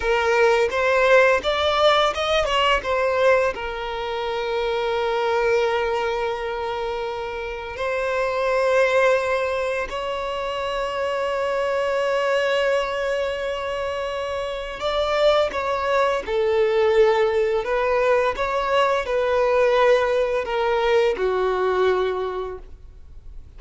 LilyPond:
\new Staff \with { instrumentName = "violin" } { \time 4/4 \tempo 4 = 85 ais'4 c''4 d''4 dis''8 cis''8 | c''4 ais'2.~ | ais'2. c''4~ | c''2 cis''2~ |
cis''1~ | cis''4 d''4 cis''4 a'4~ | a'4 b'4 cis''4 b'4~ | b'4 ais'4 fis'2 | }